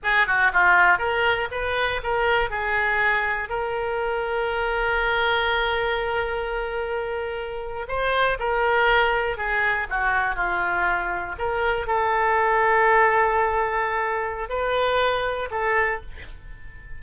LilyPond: \new Staff \with { instrumentName = "oboe" } { \time 4/4 \tempo 4 = 120 gis'8 fis'8 f'4 ais'4 b'4 | ais'4 gis'2 ais'4~ | ais'1~ | ais'2.~ ais'8. c''16~ |
c''8. ais'2 gis'4 fis'16~ | fis'8. f'2 ais'4 a'16~ | a'1~ | a'4 b'2 a'4 | }